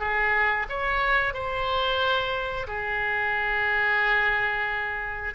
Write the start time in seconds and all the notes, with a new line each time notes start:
0.00 G#4
0.70 C#5
1.34 C5
2.68 G#4